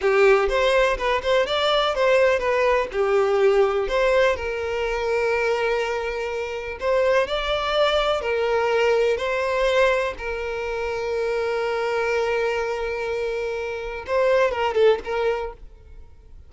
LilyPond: \new Staff \with { instrumentName = "violin" } { \time 4/4 \tempo 4 = 124 g'4 c''4 b'8 c''8 d''4 | c''4 b'4 g'2 | c''4 ais'2.~ | ais'2 c''4 d''4~ |
d''4 ais'2 c''4~ | c''4 ais'2.~ | ais'1~ | ais'4 c''4 ais'8 a'8 ais'4 | }